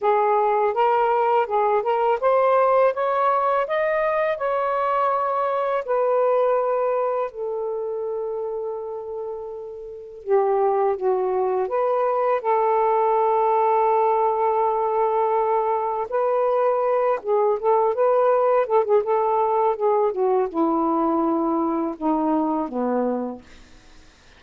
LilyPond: \new Staff \with { instrumentName = "saxophone" } { \time 4/4 \tempo 4 = 82 gis'4 ais'4 gis'8 ais'8 c''4 | cis''4 dis''4 cis''2 | b'2 a'2~ | a'2 g'4 fis'4 |
b'4 a'2.~ | a'2 b'4. gis'8 | a'8 b'4 a'16 gis'16 a'4 gis'8 fis'8 | e'2 dis'4 b4 | }